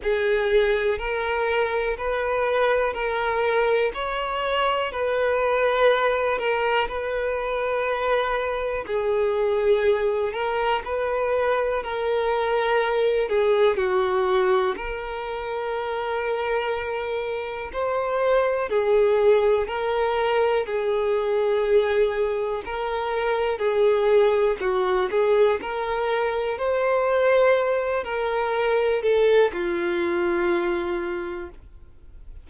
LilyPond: \new Staff \with { instrumentName = "violin" } { \time 4/4 \tempo 4 = 61 gis'4 ais'4 b'4 ais'4 | cis''4 b'4. ais'8 b'4~ | b'4 gis'4. ais'8 b'4 | ais'4. gis'8 fis'4 ais'4~ |
ais'2 c''4 gis'4 | ais'4 gis'2 ais'4 | gis'4 fis'8 gis'8 ais'4 c''4~ | c''8 ais'4 a'8 f'2 | }